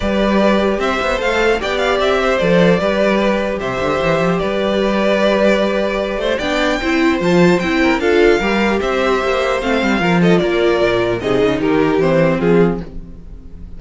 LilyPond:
<<
  \new Staff \with { instrumentName = "violin" } { \time 4/4 \tempo 4 = 150 d''2 e''4 f''4 | g''8 f''8 e''4 d''2~ | d''4 e''2 d''4~ | d''1 |
g''2 a''4 g''4 | f''2 e''2 | f''4. dis''8 d''2 | dis''4 ais'4 c''4 gis'4 | }
  \new Staff \with { instrumentName = "violin" } { \time 4/4 b'2 c''2 | d''4. c''4. b'4~ | b'4 c''2 b'4~ | b'2.~ b'8 c''8 |
d''4 c''2~ c''8 ais'8 | a'4 ais'4 c''2~ | c''4 ais'8 a'8 ais'2 | gis'4 g'2 f'4 | }
  \new Staff \with { instrumentName = "viola" } { \time 4/4 g'2. a'4 | g'2 a'4 g'4~ | g'1~ | g'1 |
d'4 e'4 f'4 e'4 | f'4 g'2. | c'4 f'2. | dis'2 c'2 | }
  \new Staff \with { instrumentName = "cello" } { \time 4/4 g2 c'8 b8 a4 | b4 c'4 f4 g4~ | g4 c8 d8 e8 f8 g4~ | g2.~ g8 a8 |
b4 c'4 f4 c'4 | d'4 g4 c'4 ais4 | a8 g8 f4 ais4 ais,4 | c8 cis8 dis4 e4 f4 | }
>>